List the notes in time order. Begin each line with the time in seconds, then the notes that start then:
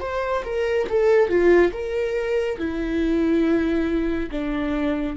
0.00 C5
0.44 A#4
0.89 A4
1.29 F4
1.73 A#4
2.58 E4
4.31 D4